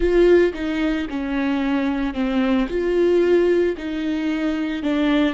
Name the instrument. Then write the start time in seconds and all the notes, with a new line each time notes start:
viola
0.00 F4
0.53 D#4
1.09 C#4
2.14 C4
2.68 F4
3.77 D#4
4.82 D4